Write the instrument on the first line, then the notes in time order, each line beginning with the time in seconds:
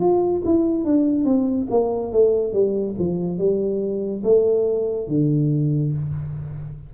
tuba
0.00 F4
0.45 E4
0.85 D4
1.24 C4
1.70 A#3
2.12 A3
2.53 G3
2.98 F3
3.38 G3
4.23 A3
5.08 D3